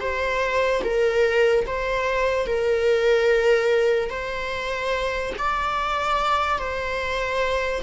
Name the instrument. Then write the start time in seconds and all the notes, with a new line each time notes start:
viola
0.00 C5
0.84 A#4
1.66 C5
2.47 A#4
4.10 C5
5.38 D5
6.59 C5